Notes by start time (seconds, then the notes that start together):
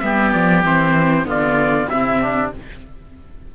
0.00 G3 B3 G4 E5
0.32 F3 D5
0.64 E3 C4 C5
1.25 D3 B3 F4 D5
1.89 C3 C4 E4 E5
2.21 D4